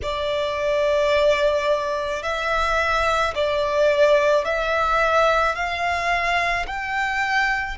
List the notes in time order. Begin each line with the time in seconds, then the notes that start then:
0.02 D5
2.22 E5
3.34 D5
4.44 E5
5.55 F5
6.66 G5